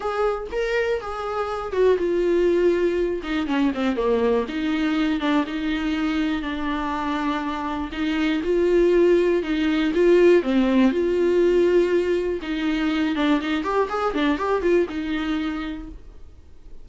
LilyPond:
\new Staff \with { instrumentName = "viola" } { \time 4/4 \tempo 4 = 121 gis'4 ais'4 gis'4. fis'8 | f'2~ f'8 dis'8 cis'8 c'8 | ais4 dis'4. d'8 dis'4~ | dis'4 d'2. |
dis'4 f'2 dis'4 | f'4 c'4 f'2~ | f'4 dis'4. d'8 dis'8 g'8 | gis'8 d'8 g'8 f'8 dis'2 | }